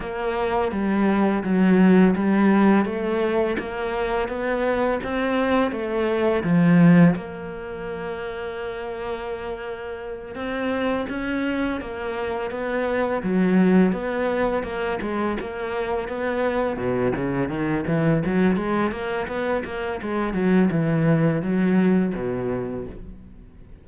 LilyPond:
\new Staff \with { instrumentName = "cello" } { \time 4/4 \tempo 4 = 84 ais4 g4 fis4 g4 | a4 ais4 b4 c'4 | a4 f4 ais2~ | ais2~ ais8 c'4 cis'8~ |
cis'8 ais4 b4 fis4 b8~ | b8 ais8 gis8 ais4 b4 b,8 | cis8 dis8 e8 fis8 gis8 ais8 b8 ais8 | gis8 fis8 e4 fis4 b,4 | }